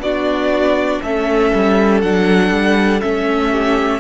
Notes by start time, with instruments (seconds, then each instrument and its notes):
0.00 cello B3, viola D4, violin F#4 D5
1.02 cello A3, viola C#4, violin A4 E5
1.55 cello G3
2.01 cello F#3, viola D4, violin F#5
2.51 cello G3
3.01 cello A3, viola C#4, violin E5
3.50 violin G4